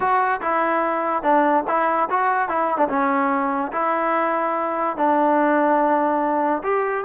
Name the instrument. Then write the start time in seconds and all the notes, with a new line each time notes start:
trombone
0.00 F#4
0.41 E4
1.22 D4
1.67 E4
2.10 F#4
2.48 E4
2.77 D4
2.89 C#4
3.72 E4
4.97 D4
6.63 G4